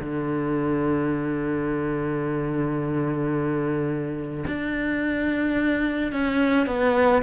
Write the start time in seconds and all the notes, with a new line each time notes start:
0.00 D3
4.47 D4
6.12 C#4
6.66 B3